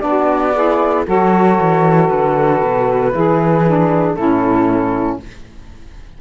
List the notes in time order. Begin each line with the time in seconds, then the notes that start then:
0.00 B3 D4 F#4 D5
0.55 E4 G#4
1.06 F#3 F#4 A4 C#5
1.58 E3
2.08 D3 B4
2.62 B2
3.11 E3 E4 G#4
3.66 D4
4.15 A2 C#4 E4 A4